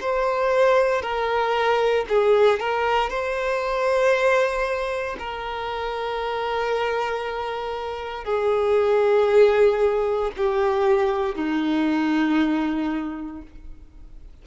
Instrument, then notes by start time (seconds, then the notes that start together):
violin
0.00 C5
1.02 A#4
2.09 G#4
2.59 A#4
3.09 C5
5.18 A#4
8.24 G#4
10.36 G4
11.35 D#4